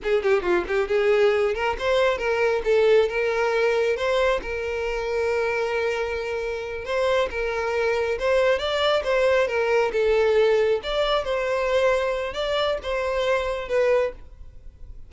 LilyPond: \new Staff \with { instrumentName = "violin" } { \time 4/4 \tempo 4 = 136 gis'8 g'8 f'8 g'8 gis'4. ais'8 | c''4 ais'4 a'4 ais'4~ | ais'4 c''4 ais'2~ | ais'2.~ ais'8 c''8~ |
c''8 ais'2 c''4 d''8~ | d''8 c''4 ais'4 a'4.~ | a'8 d''4 c''2~ c''8 | d''4 c''2 b'4 | }